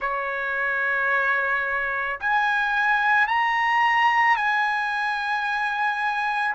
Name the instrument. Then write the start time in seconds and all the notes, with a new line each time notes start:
trumpet
0.00 C#5
2.20 G#5
3.27 A#5
4.36 G#5